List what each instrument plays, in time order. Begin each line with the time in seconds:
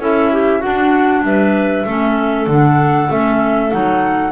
0.00 double bass C#4, clarinet E4 A4, flute E5
0.32 clarinet G4
0.59 clarinet D4 F#4, flute F#5
0.66 double bass D4
1.23 double bass G3, clarinet B4, flute E5
1.86 double bass A3, clarinet C#4 A4
2.47 double bass D3, clarinet D4, flute F#5
3.09 double bass A3, clarinet C#4, flute E5
3.71 double bass F#3, clarinet D#4, flute F#5